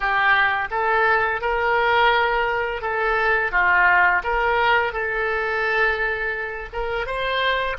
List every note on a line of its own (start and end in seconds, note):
0.00 0.68 G4
0.71 1.41 A4
1.41 2.81 A#4
2.81 3.51 A4
3.51 4.22 F4
4.23 4.92 A#4
4.92 6.69 A4
6.72 7.06 A#4
7.06 7.76 C5